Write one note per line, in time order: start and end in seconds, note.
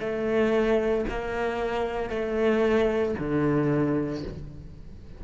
0.00 1.05 A3
1.09 2.10 A#3
2.10 3.15 A3
3.19 4.24 D3